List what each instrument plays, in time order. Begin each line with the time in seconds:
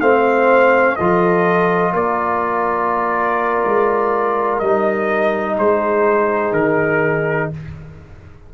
0.00 tuba A3, trombone C4, horn C5, trumpet F5
0.96 tuba F3, trombone F4, horn A4, trumpet D#5
1.93 tuba A#3, horn A#4, trumpet D5
3.65 tuba G#3
4.59 tuba G3, trombone D#4, trumpet D#5
5.58 tuba G#3, horn G#4, trumpet C5
6.52 tuba D#3, trumpet A#4